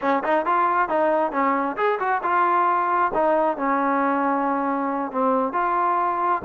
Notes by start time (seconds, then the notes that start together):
0.01 C#4
0.23 D#4
0.45 F4
0.88 D#4
1.32 C#4
1.76 G#4
1.99 F#4
2.22 F4
3.14 D#4
3.57 C#4
5.11 C4
5.53 F4